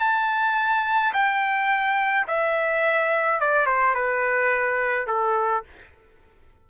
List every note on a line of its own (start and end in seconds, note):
0.00 1.13 A5
1.14 2.27 G5
2.27 3.41 E5
3.41 3.67 D5
3.67 3.95 C5
3.95 5.08 B4
5.08 5.64 A4